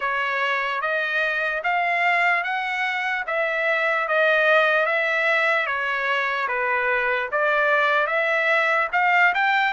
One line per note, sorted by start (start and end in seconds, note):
0.00 0.81 C#5
0.81 1.62 D#5
1.63 2.43 F5
2.43 3.24 F#5
3.27 4.08 E5
4.08 4.86 D#5
4.86 5.66 E5
5.66 6.47 C#5
6.48 7.29 B4
7.31 8.07 D5
8.07 8.88 E5
8.92 9.32 F5
9.34 9.73 G5